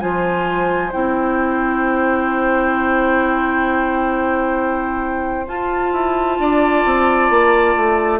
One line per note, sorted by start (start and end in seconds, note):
0.00 0.92 F3
0.00 0.91 F4
0.00 6.38 C5
0.00 0.91 G#5
0.92 5.47 C4
0.92 5.46 E4
0.92 5.46 G5
5.47 8.20 F4
5.47 5.92 F4
5.47 8.20 A5
5.92 6.38 E4
6.38 6.84 D4
6.38 8.20 D5
6.85 7.30 C4
7.30 7.75 A#3
7.76 8.20 A3